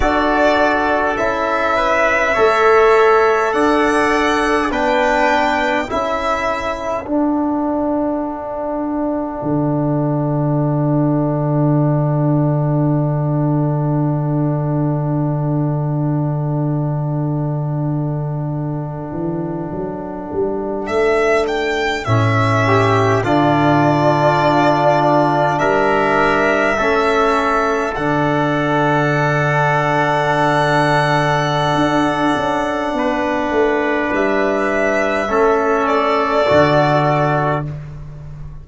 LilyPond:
<<
  \new Staff \with { instrumentName = "violin" } { \time 4/4 \tempo 4 = 51 d''4 e''2 fis''4 | g''4 e''4 fis''2~ | fis''1~ | fis''1~ |
fis''4.~ fis''16 e''8 g''8 e''4 d''16~ | d''4.~ d''16 e''2 fis''16~ | fis''1~ | fis''4 e''4. d''4. | }
  \new Staff \with { instrumentName = "trumpet" } { \time 4/4 a'4. b'8 cis''4 d''4 | b'4 a'2.~ | a'1~ | a'1~ |
a'2.~ a'16 g'8 f'16~ | f'4.~ f'16 ais'4 a'4~ a'16~ | a'1 | b'2 a'2 | }
  \new Staff \with { instrumentName = "trombone" } { \time 4/4 fis'4 e'4 a'2 | d'4 e'4 d'2~ | d'1~ | d'1~ |
d'2~ d'8. cis'4 d'16~ | d'2~ d'8. cis'4 d'16~ | d'1~ | d'2 cis'4 fis'4 | }
  \new Staff \with { instrumentName = "tuba" } { \time 4/4 d'4 cis'4 a4 d'4 | b4 cis'4 d'2 | d1~ | d1~ |
d16 e8 fis8 g8 a4 a,4 d16~ | d4.~ d16 g4 a4 d16~ | d2. d'8 cis'8 | b8 a8 g4 a4 d4 | }
>>